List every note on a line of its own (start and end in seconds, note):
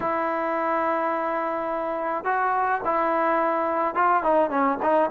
0.00 2.24 E4
2.24 2.81 F#4
2.85 3.94 E4
3.94 4.23 F4
4.23 4.50 D#4
4.50 4.78 C#4
4.82 5.10 D#4